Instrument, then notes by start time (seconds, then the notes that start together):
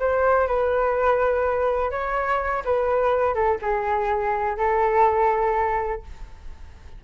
flute
0.00 C5
0.48 B4
1.91 C#5
2.65 B4
3.35 A4
3.62 G#4
4.57 A4